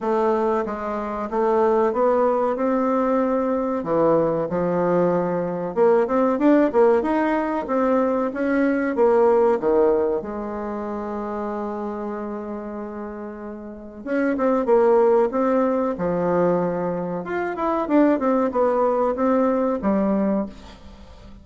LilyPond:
\new Staff \with { instrumentName = "bassoon" } { \time 4/4 \tempo 4 = 94 a4 gis4 a4 b4 | c'2 e4 f4~ | f4 ais8 c'8 d'8 ais8 dis'4 | c'4 cis'4 ais4 dis4 |
gis1~ | gis2 cis'8 c'8 ais4 | c'4 f2 f'8 e'8 | d'8 c'8 b4 c'4 g4 | }